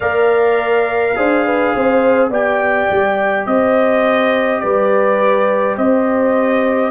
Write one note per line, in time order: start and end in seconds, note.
0.00 1.16 A#3
0.00 1.15 A#4
0.00 1.14 D5
0.00 2.28 F5
1.15 1.74 D4
1.15 2.31 G#4
1.15 1.45 C5
1.45 1.74 B4
1.75 2.29 C4
1.75 2.30 C5
2.29 2.87 B3
2.29 6.90 G4
2.29 3.45 D5
2.29 3.46 G5
2.90 3.46 G3
3.46 4.62 C4
3.46 4.62 C5
3.46 4.60 D#5
4.60 5.77 G3
4.60 5.76 B4
4.60 5.75 D5
5.76 6.90 C4
5.76 6.90 C5
5.76 6.90 D#5